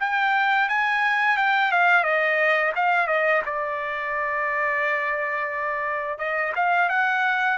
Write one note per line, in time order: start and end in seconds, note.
0.00 0.69 G5
0.69 1.37 G#5
1.37 1.71 G5
1.71 2.03 F5
2.03 2.72 D#5
2.76 3.07 F5
3.07 3.42 D#5
3.45 6.18 D5
6.18 6.53 D#5
6.55 6.89 F5
6.89 7.58 F#5